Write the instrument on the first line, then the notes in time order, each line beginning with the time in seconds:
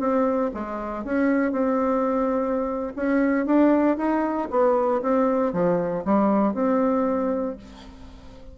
bassoon
0.00 C4
0.54 G#3
1.05 C#4
1.52 C4
2.96 C#4
3.46 D4
3.98 D#4
4.51 B3
5.03 C4
5.53 F3
6.05 G3
6.54 C4